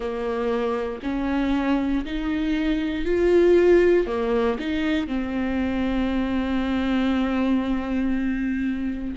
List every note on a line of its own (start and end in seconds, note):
0.00 1.00 A#3
1.03 2.04 C#4
2.05 3.05 D#4
3.05 4.07 F4
4.07 4.58 A#3
4.59 5.07 D#4
5.07 9.14 C4